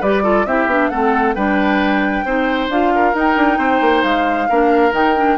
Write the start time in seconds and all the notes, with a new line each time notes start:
0.00 G3 G4 B4 D5
0.23 F4 A4
0.46 C4 E4 G4 E5
0.66 B3 D4
0.88 A3 C4 A4 F#5
1.34 G3 D4 B4 G5
2.24 C4 D#4 C5
2.69 D4 F4 F5
2.95 A#4
3.14 D#4 G5
3.36 D4
3.58 C4 C5
3.81 A#3
4.03 G#3 F5
4.49 A#3 D4 A#4
4.91 D#3 D#4 G5
5.16 D4